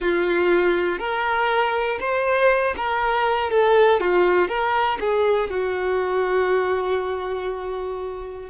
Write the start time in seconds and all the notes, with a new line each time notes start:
0.00 F4
0.98 A#4
2.00 C5
2.76 A#4
3.50 A4
4.00 F4
4.48 A#4
5.00 G#4
5.50 F#4